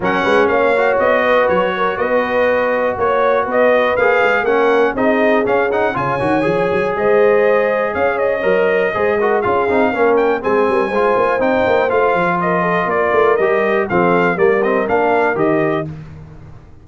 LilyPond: <<
  \new Staff \with { instrumentName = "trumpet" } { \time 4/4 \tempo 4 = 121 fis''4 f''4 dis''4 cis''4 | dis''2 cis''4 dis''4 | f''4 fis''4 dis''4 f''8 fis''8 | gis''2 dis''2 |
f''8 dis''2~ dis''8 f''4~ | f''8 g''8 gis''2 g''4 | f''4 dis''4 d''4 dis''4 | f''4 d''8 dis''8 f''4 dis''4 | }
  \new Staff \with { instrumentName = "horn" } { \time 4/4 ais'8 b'8 cis''4. b'4 ais'8 | b'2 cis''4 b'4~ | b'4 ais'4 gis'2 | cis''2 c''2 |
cis''2 c''8 ais'8 gis'4 | ais'4 gis'8 ais'8 c''2~ | c''4 ais'8 a'8 ais'2 | a'4 ais'2. | }
  \new Staff \with { instrumentName = "trombone" } { \time 4/4 cis'4. fis'2~ fis'8~ | fis'1 | gis'4 cis'4 dis'4 cis'8 dis'8 | f'8 fis'8 gis'2.~ |
gis'4 ais'4 gis'8 fis'8 f'8 dis'8 | cis'4 c'4 f'4 dis'4 | f'2. g'4 | c'4 ais8 c'8 d'4 g'4 | }
  \new Staff \with { instrumentName = "tuba" } { \time 4/4 fis8 gis8 ais4 b4 fis4 | b2 ais4 b4 | ais8 gis8 ais4 c'4 cis'4 | cis8 dis8 f8 fis8 gis2 |
cis'4 fis4 gis4 cis'8 c'8 | ais4 gis8 g8 gis8 ais8 c'8 ais8 | a8 f4. ais8 a8 g4 | f4 g4 ais4 dis4 | }
>>